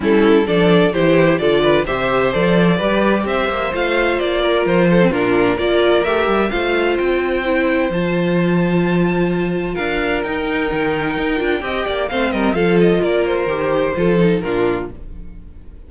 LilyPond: <<
  \new Staff \with { instrumentName = "violin" } { \time 4/4 \tempo 4 = 129 a'4 d''4 c''4 d''4 | e''4 d''2 e''4 | f''4 d''4 c''4 ais'4 | d''4 e''4 f''4 g''4~ |
g''4 a''2.~ | a''4 f''4 g''2~ | g''2 f''8 dis''8 f''8 dis''8 | d''8 c''2~ c''8 ais'4 | }
  \new Staff \with { instrumentName = "violin" } { \time 4/4 e'4 a'4 g'4 a'8 b'8 | c''2 b'4 c''4~ | c''4. ais'4 a'8 f'4 | ais'2 c''2~ |
c''1~ | c''4 ais'2.~ | ais'4 dis''8 d''8 c''8 ais'8 a'4 | ais'2 a'4 f'4 | }
  \new Staff \with { instrumentName = "viola" } { \time 4/4 cis'4 d'4 e'4 f'4 | g'4 a'4 g'2 | f'2~ f'8. c'16 d'4 | f'4 g'4 f'2 |
e'4 f'2.~ | f'2 dis'2~ | dis'8 f'8 g'4 c'4 f'4~ | f'4 g'4 f'8 dis'8 d'4 | }
  \new Staff \with { instrumentName = "cello" } { \time 4/4 g4 f4 e4 d4 | c4 f4 g4 c'8 ais8 | a4 ais4 f4 ais,4 | ais4 a8 g8 a4 c'4~ |
c'4 f2.~ | f4 d'4 dis'4 dis4 | dis'8 d'8 c'8 ais8 a8 g8 f4 | ais4 dis4 f4 ais,4 | }
>>